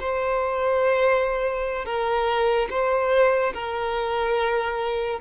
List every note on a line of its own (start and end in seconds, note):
0.00 1.85 C5
1.85 2.69 A#4
2.70 3.53 C5
3.54 5.20 A#4